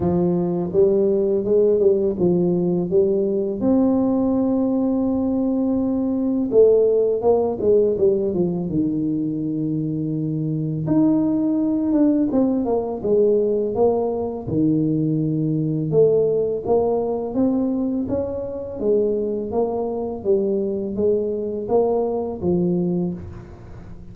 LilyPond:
\new Staff \with { instrumentName = "tuba" } { \time 4/4 \tempo 4 = 83 f4 g4 gis8 g8 f4 | g4 c'2.~ | c'4 a4 ais8 gis8 g8 f8 | dis2. dis'4~ |
dis'8 d'8 c'8 ais8 gis4 ais4 | dis2 a4 ais4 | c'4 cis'4 gis4 ais4 | g4 gis4 ais4 f4 | }